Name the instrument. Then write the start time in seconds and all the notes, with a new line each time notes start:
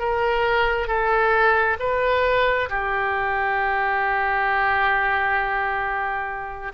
oboe
0.00 A#4
0.88 A4
1.80 B4
2.70 G4